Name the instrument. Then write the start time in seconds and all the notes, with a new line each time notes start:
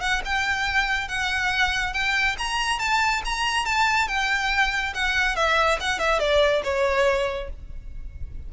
violin
0.00 F#5
0.25 G5
1.08 F#5
1.93 G5
2.38 A#5
2.79 A5
3.24 A#5
3.65 A5
4.07 G5
4.94 F#5
5.35 E5
5.80 F#5
5.98 E5
6.19 D5
6.63 C#5